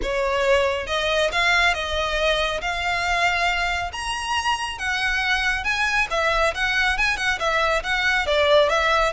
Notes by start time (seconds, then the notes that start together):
0.02 C#5
0.86 D#5
1.32 F5
1.74 D#5
2.61 F5
3.92 A#5
4.78 F#5
5.63 G#5
6.10 E5
6.54 F#5
6.97 G#5
7.16 F#5
7.39 E5
7.83 F#5
8.26 D5
8.69 E5